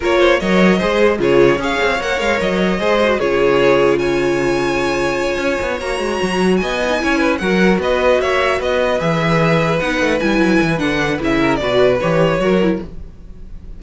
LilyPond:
<<
  \new Staff \with { instrumentName = "violin" } { \time 4/4 \tempo 4 = 150 cis''4 dis''2 cis''4 | f''4 fis''8 f''8 dis''2 | cis''2 gis''2~ | gis''2~ gis''8 ais''4.~ |
ais''8 gis''2 fis''4 dis''8~ | dis''8 e''4 dis''4 e''4.~ | e''8 fis''4 gis''4. fis''4 | e''4 d''4 cis''2 | }
  \new Staff \with { instrumentName = "violin" } { \time 4/4 ais'8 c''8 cis''4 c''4 gis'4 | cis''2. c''4 | gis'2 cis''2~ | cis''1~ |
cis''8 dis''4 cis''8 b'8 ais'4 b'8~ | b'8 cis''4 b'2~ b'8~ | b'1~ | b'8 ais'8 b'2 ais'4 | }
  \new Staff \with { instrumentName = "viola" } { \time 4/4 f'4 ais'4 gis'4 f'4 | gis'4 ais'2 gis'8 fis'8 | f'1~ | f'2~ f'8 fis'4.~ |
fis'4 e'16 dis'16 e'4 fis'4.~ | fis'2~ fis'8 gis'4.~ | gis'8 dis'4 e'4. d'4 | e'4 fis'4 g'4 fis'8 e'8 | }
  \new Staff \with { instrumentName = "cello" } { \time 4/4 ais4 fis4 gis4 cis4 | cis'8 c'8 ais8 gis8 fis4 gis4 | cis1~ | cis4. cis'8 b8 ais8 gis8 fis8~ |
fis8 b4 cis'4 fis4 b8~ | b8 ais4 b4 e4.~ | e8 b8 a8 g8 fis8 e8 d4 | cis4 b,4 e4 fis4 | }
>>